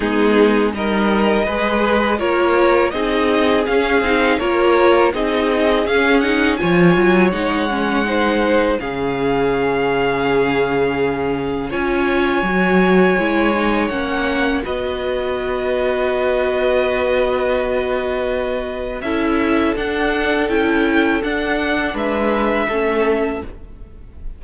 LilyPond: <<
  \new Staff \with { instrumentName = "violin" } { \time 4/4 \tempo 4 = 82 gis'4 dis''2 cis''4 | dis''4 f''4 cis''4 dis''4 | f''8 fis''8 gis''4 fis''2 | f''1 |
gis''2. fis''4 | dis''1~ | dis''2 e''4 fis''4 | g''4 fis''4 e''2 | }
  \new Staff \with { instrumentName = "violin" } { \time 4/4 dis'4 ais'4 b'4 ais'4 | gis'2 ais'4 gis'4~ | gis'4 cis''2 c''4 | gis'1 |
cis''1 | b'1~ | b'2 a'2~ | a'2 b'4 a'4 | }
  \new Staff \with { instrumentName = "viola" } { \time 4/4 b4 dis'4 gis'4 f'4 | dis'4 cis'8 dis'8 f'4 dis'4 | cis'8 dis'8 f'4 dis'8 cis'8 dis'4 | cis'1 |
f'4 fis'4 e'8 dis'8 cis'4 | fis'1~ | fis'2 e'4 d'4 | e'4 d'2 cis'4 | }
  \new Staff \with { instrumentName = "cello" } { \time 4/4 gis4 g4 gis4 ais4 | c'4 cis'8 c'8 ais4 c'4 | cis'4 f8 fis8 gis2 | cis1 |
cis'4 fis4 gis4 ais4 | b1~ | b2 cis'4 d'4 | cis'4 d'4 gis4 a4 | }
>>